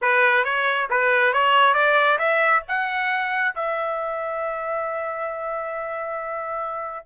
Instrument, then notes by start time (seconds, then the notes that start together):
trumpet
0.01 B4
0.44 C#5
0.90 B4
1.33 C#5
1.73 D5
2.18 E5
2.68 F#5
3.54 E5